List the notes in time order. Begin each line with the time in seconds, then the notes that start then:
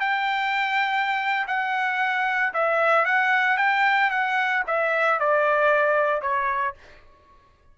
0.00 G5
1.47 F#5
2.53 E5
3.05 F#5
3.57 G5
4.10 F#5
4.67 E5
5.19 D5
6.21 C#5